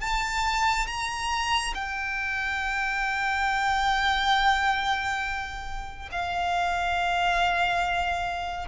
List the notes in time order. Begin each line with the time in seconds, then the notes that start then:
0.00 A5
0.87 A#5
1.74 G5
6.11 F5